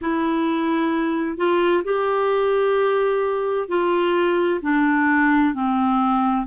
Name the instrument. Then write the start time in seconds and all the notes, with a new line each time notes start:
clarinet
0.01 E4
1.37 F4
1.83 G4
3.68 F4
4.62 D4
5.54 C4